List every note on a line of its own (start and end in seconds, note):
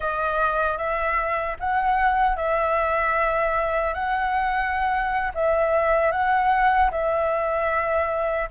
0.00 0.77 D#5
0.77 1.56 E5
1.59 2.36 F#5
2.36 3.94 E5
3.94 5.32 F#5
5.34 6.11 E5
6.11 6.90 F#5
6.91 8.49 E5